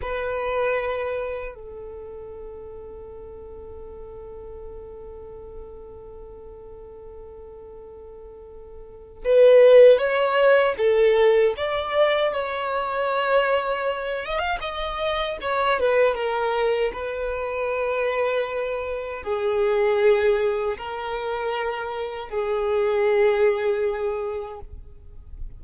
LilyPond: \new Staff \with { instrumentName = "violin" } { \time 4/4 \tempo 4 = 78 b'2 a'2~ | a'1~ | a'1 | b'4 cis''4 a'4 d''4 |
cis''2~ cis''8 dis''16 f''16 dis''4 | cis''8 b'8 ais'4 b'2~ | b'4 gis'2 ais'4~ | ais'4 gis'2. | }